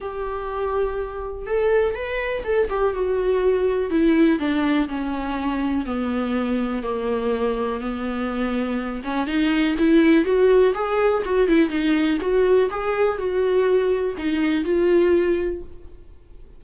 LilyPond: \new Staff \with { instrumentName = "viola" } { \time 4/4 \tempo 4 = 123 g'2. a'4 | b'4 a'8 g'8 fis'2 | e'4 d'4 cis'2 | b2 ais2 |
b2~ b8 cis'8 dis'4 | e'4 fis'4 gis'4 fis'8 e'8 | dis'4 fis'4 gis'4 fis'4~ | fis'4 dis'4 f'2 | }